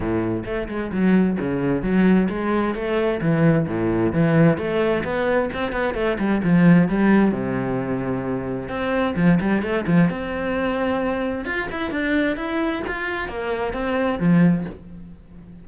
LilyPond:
\new Staff \with { instrumentName = "cello" } { \time 4/4 \tempo 4 = 131 a,4 a8 gis8 fis4 cis4 | fis4 gis4 a4 e4 | a,4 e4 a4 b4 | c'8 b8 a8 g8 f4 g4 |
c2. c'4 | f8 g8 a8 f8 c'2~ | c'4 f'8 e'8 d'4 e'4 | f'4 ais4 c'4 f4 | }